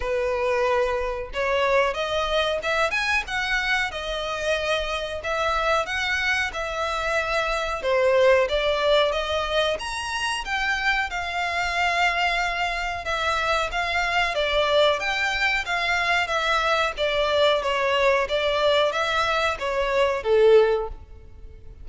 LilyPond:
\new Staff \with { instrumentName = "violin" } { \time 4/4 \tempo 4 = 92 b'2 cis''4 dis''4 | e''8 gis''8 fis''4 dis''2 | e''4 fis''4 e''2 | c''4 d''4 dis''4 ais''4 |
g''4 f''2. | e''4 f''4 d''4 g''4 | f''4 e''4 d''4 cis''4 | d''4 e''4 cis''4 a'4 | }